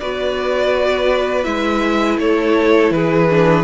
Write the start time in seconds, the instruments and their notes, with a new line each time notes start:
0.00 cello B3, viola F#4, violin B4 D5
1.44 cello G#3, viola E4, violin E5
2.18 cello A3, violin A4 C#5
2.91 cello E3, violin G#4 B4
3.31 viola D4